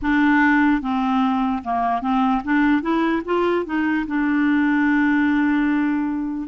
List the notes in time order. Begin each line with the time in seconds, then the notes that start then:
0.02 D4
0.81 C4
1.64 A#3
2.01 C4
2.44 D4
2.82 E4
3.25 F4
3.65 D#4
4.07 D4